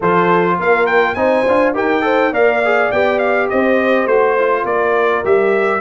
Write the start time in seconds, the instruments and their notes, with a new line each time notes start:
0.00 tuba F3, trombone F4, horn A4, trumpet C5
0.58 tuba A#3, horn A#4, trumpet F5
0.86 trumpet G5
1.14 tuba C4, trombone D#4, horn C5, trumpet G#5
1.47 tuba D4, trombone F4
1.74 tuba D#4, trombone G4, horn A#4, trumpet G5
2.01 trombone A4, horn C5
2.31 tuba A#3, trombone A#4, horn D5, trumpet F5
2.64 trombone G#4
2.91 tuba B3, trombone G4, trumpet G5
3.18 trumpet F5
3.49 tuba C4, horn C5, trumpet D#5
4.06 tuba A3, trombone F#4, trumpet C5
4.38 trombone F4
4.64 tuba A#3, horn A#4, trumpet D5
5.24 tuba G3, trombone G4, trumpet E5